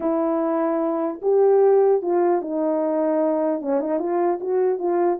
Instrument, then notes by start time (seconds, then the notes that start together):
horn
0.00 E4
1.22 G4
2.02 F4
2.41 D#4
3.61 C#4
3.80 D#4
3.99 F4
4.40 F#4
4.78 F4